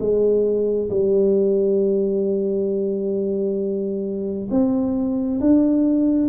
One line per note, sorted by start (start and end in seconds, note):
0.00 0.90 G#3
0.91 4.49 G3
4.51 5.40 C4
5.41 6.29 D4